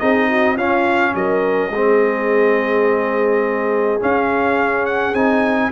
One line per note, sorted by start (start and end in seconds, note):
0.00 0.57 C4
0.00 0.57 D#4
0.00 0.29 G#4
0.00 0.57 D#5
0.29 0.55 F#4
0.55 1.14 C#4
0.55 1.72 C#4
0.55 1.13 F4
0.55 1.15 F5
1.15 1.70 F#3
1.15 1.72 A#4
1.15 4.02 D#5
1.70 3.98 G#3
1.70 4.00 C4
1.70 5.72 G#4
4.00 5.15 C#4
4.00 5.14 C#4
4.00 4.86 F5
4.86 5.15 F#5
5.14 5.71 C4
5.14 5.72 D#4
5.14 5.72 G#5